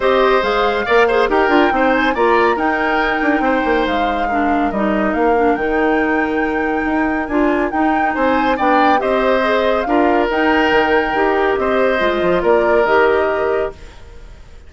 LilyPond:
<<
  \new Staff \with { instrumentName = "flute" } { \time 4/4 \tempo 4 = 140 dis''4 f''2 g''4~ | g''8 gis''8 ais''4 g''2~ | g''4 f''2 dis''4 | f''4 g''2.~ |
g''4 gis''4 g''4 gis''4 | g''4 dis''2 f''4 | g''2. dis''4~ | dis''4 d''4 dis''2 | }
  \new Staff \with { instrumentName = "oboe" } { \time 4/4 c''2 d''8 c''8 ais'4 | c''4 d''4 ais'2 | c''2 ais'2~ | ais'1~ |
ais'2. c''4 | d''4 c''2 ais'4~ | ais'2. c''4~ | c''4 ais'2. | }
  \new Staff \with { instrumentName = "clarinet" } { \time 4/4 g'4 gis'4 ais'8 gis'8 g'8 f'8 | dis'4 f'4 dis'2~ | dis'2 d'4 dis'4~ | dis'8 d'8 dis'2.~ |
dis'4 f'4 dis'2 | d'4 g'4 gis'4 f'4 | dis'2 g'2 | f'2 g'2 | }
  \new Staff \with { instrumentName = "bassoon" } { \time 4/4 c'4 gis4 ais4 dis'8 d'8 | c'4 ais4 dis'4. d'8 | c'8 ais8 gis2 g4 | ais4 dis2. |
dis'4 d'4 dis'4 c'4 | b4 c'2 d'4 | dis'4 dis4 dis'4 c'4 | gis8 f8 ais4 dis2 | }
>>